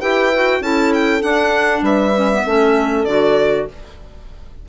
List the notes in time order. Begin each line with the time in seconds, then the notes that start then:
0.00 E4 G4 B4 G5
0.34 F#4
0.60 C#4 E4 A4 A5
0.93 G5
1.20 D4 F#5
1.82 G3 B4 E5
2.15 C#4
2.31 B3
2.44 A3 C#4 A4
3.05 D3 F#4 D5